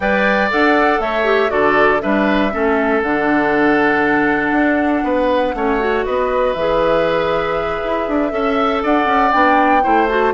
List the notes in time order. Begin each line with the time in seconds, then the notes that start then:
0.00 G3 B4 D5 G5
0.50 D4 A4 F#5
0.99 A3 C#5 E5
1.24 G4
1.49 D3 F#4 A4 D5
2.00 G3 D4 B4 E5
2.52 A3 C#4 A4
3.02 D3 D4 F#5
4.51 D4
5.03 B3 B4
5.54 A3 C#4 C#5
5.79 F#4
6.05 B3 B4 D#5
6.53 E3 G#4 E5
7.83 E4
8.08 D4
8.30 C#4 A4 E5
8.82 D4 D5 F#5
9.05 C#4
9.31 B3 D4 G5
9.82 A3 E4 C5
10.08 F#4 A5